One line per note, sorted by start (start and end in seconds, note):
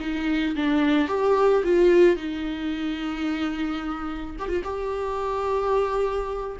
0.00 0.55 D#4
0.56 1.08 D4
1.08 1.63 G4
1.64 2.16 F4
2.16 4.36 D#4
4.39 4.48 G4
4.48 4.62 F4
4.64 6.57 G4